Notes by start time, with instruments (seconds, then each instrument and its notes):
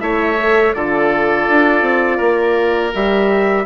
0.00 bassoon A3, horn E4, oboe C#5, trumpet E5
0.40 horn A4
0.74 bassoon D3, horn F4, oboe A4, trumpet D5
1.49 bassoon D4
1.82 bassoon C4
2.18 bassoon A#3, oboe A#4
2.94 bassoon G3, horn G4, trumpet E5